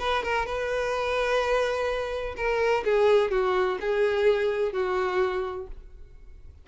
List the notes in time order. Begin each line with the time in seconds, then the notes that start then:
0.00 B4
0.23 A#4
0.46 B4
2.37 A#4
2.85 G#4
3.31 F#4
3.81 G#4
4.73 F#4